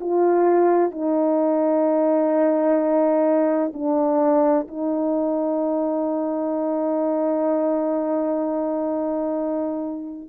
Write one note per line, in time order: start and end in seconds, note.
0.00 0.91 F4
0.91 3.72 D#4
3.73 4.67 D4
4.67 10.29 D#4